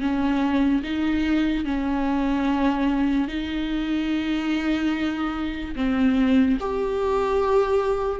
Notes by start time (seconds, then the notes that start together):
0.00 C#4
0.83 D#4
1.64 C#4
3.28 D#4
5.75 C4
6.59 G4